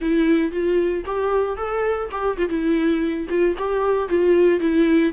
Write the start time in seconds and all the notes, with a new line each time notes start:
0.01 E4
0.51 F4
1.05 G4
1.56 A4
2.11 G4
2.37 F4
2.48 E4
3.29 F4
3.58 G4
4.08 F4
4.60 E4